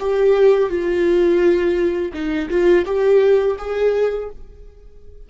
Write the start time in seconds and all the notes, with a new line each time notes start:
0.00 G4
0.69 F4
2.13 D#4
2.50 F4
2.86 G4
3.58 G#4